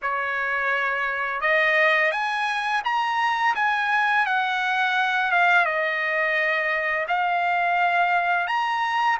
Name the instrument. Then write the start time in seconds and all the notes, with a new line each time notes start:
trumpet
0.02 C#5
1.41 D#5
2.11 G#5
2.84 A#5
3.55 G#5
4.26 F#5
5.31 F5
5.65 D#5
7.08 F5
8.47 A#5